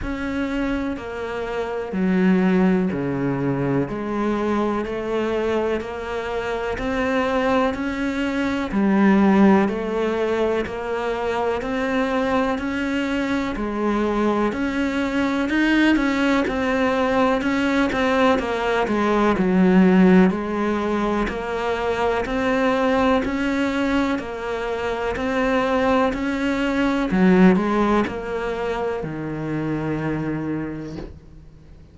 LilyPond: \new Staff \with { instrumentName = "cello" } { \time 4/4 \tempo 4 = 62 cis'4 ais4 fis4 cis4 | gis4 a4 ais4 c'4 | cis'4 g4 a4 ais4 | c'4 cis'4 gis4 cis'4 |
dis'8 cis'8 c'4 cis'8 c'8 ais8 gis8 | fis4 gis4 ais4 c'4 | cis'4 ais4 c'4 cis'4 | fis8 gis8 ais4 dis2 | }